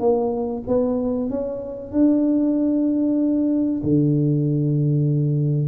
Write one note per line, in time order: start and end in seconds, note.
0.00 0.63 A#3
0.67 1.30 B3
1.30 1.92 C#4
1.92 3.82 D4
3.83 5.68 D3